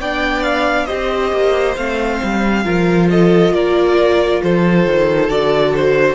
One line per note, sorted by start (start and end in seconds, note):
0.00 0.88 B3
0.00 0.88 D4
0.00 0.87 D5
0.00 0.44 G5
0.44 0.86 F5
0.86 1.33 C4
0.86 1.76 G4
0.86 2.63 C5
0.86 1.74 D#5
1.33 1.77 A#3
1.76 2.21 A3
1.76 2.65 C4
1.76 3.09 F5
2.24 2.65 G3
2.65 3.52 F3
2.65 5.29 F4
2.65 3.09 A#4
3.11 3.54 A4
3.11 3.54 D#5
3.52 4.41 A#3
3.52 4.42 A#4
3.52 4.42 D5
4.44 4.86 F3
4.44 6.15 A4
4.44 5.30 C5
4.86 5.30 D#3
5.29 6.15 D3
5.29 6.15 F#4
5.29 5.74 D5
5.76 6.15 C5